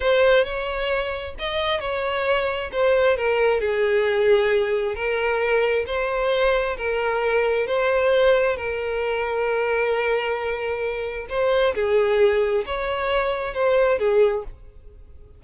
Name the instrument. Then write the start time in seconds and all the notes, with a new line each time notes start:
violin
0.00 C5
0.44 C#5
1.38 D#5
1.80 C#5
2.72 C5
3.16 A#4
3.60 G#4
4.95 A#4
5.86 C5
6.77 A#4
7.67 C5
8.56 A#4
11.29 C5
11.74 G#4
12.66 C#5
13.54 C5
13.98 G#4